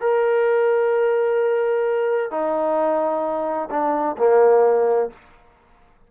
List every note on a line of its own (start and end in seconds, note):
0.00 2.30 A#4
2.30 3.69 D#4
3.70 4.16 D4
4.17 5.10 A#3